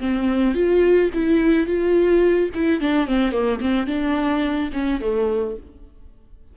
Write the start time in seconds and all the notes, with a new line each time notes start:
0.00 C4
0.55 F4
1.14 E4
1.67 F4
2.55 E4
2.81 D4
3.07 C4
3.32 A#3
3.61 C4
3.87 D4
4.73 C#4
5.01 A3